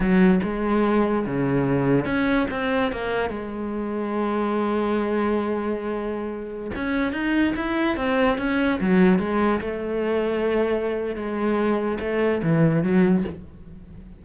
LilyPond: \new Staff \with { instrumentName = "cello" } { \time 4/4 \tempo 4 = 145 fis4 gis2 cis4~ | cis4 cis'4 c'4 ais4 | gis1~ | gis1~ |
gis16 cis'4 dis'4 e'4 c'8.~ | c'16 cis'4 fis4 gis4 a8.~ | a2. gis4~ | gis4 a4 e4 fis4 | }